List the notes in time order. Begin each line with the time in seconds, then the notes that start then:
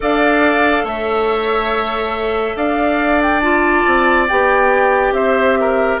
0.00 D4 A4 D5 F5
0.83 A3 C#5 E5
2.56 D4 D5 F5
3.22 G5
3.40 F4 A5
3.86 C4
4.27 B3 G4 G5
5.11 C4 C5 E5
5.59 A#4